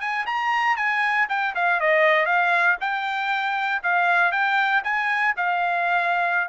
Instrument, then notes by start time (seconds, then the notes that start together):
trumpet
0.00 G#5
0.26 A#5
0.76 G#5
1.29 G5
1.55 F5
1.80 D#5
2.25 F5
2.80 G5
3.83 F5
4.32 G5
4.84 G#5
5.36 F5